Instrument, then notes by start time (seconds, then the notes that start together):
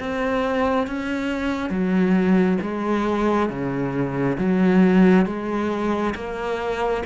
cello
0.00 C4
0.87 C#4
1.70 F#3
2.62 G#3
3.50 C#3
4.38 F#3
5.26 G#3
6.16 A#3